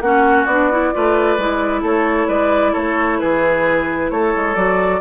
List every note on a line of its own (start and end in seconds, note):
0.00 0.45 A#3
0.00 0.48 C#4
0.00 0.94 F#4
0.00 0.46 F#5
0.46 0.91 B3
0.46 0.71 D4
0.46 1.82 D5
0.71 0.93 E4
0.93 1.37 A3
0.93 1.38 F4
0.93 1.81 B4
1.37 1.82 G#3
1.37 4.55 E4
1.81 2.28 A3
1.81 2.27 A4
1.81 2.28 C#5
2.27 2.73 G#3
2.27 2.72 B4
2.27 2.73 D5
2.72 3.22 A3
2.72 3.17 A4
2.72 3.19 C#5
3.19 4.10 E3
3.19 4.11 G#4
3.19 4.10 B4
4.10 4.33 A3
4.10 5.00 A4
4.10 4.55 C#5
4.35 4.55 G#3
4.55 5.00 F#3
4.55 5.00 F#4
4.55 5.00 D5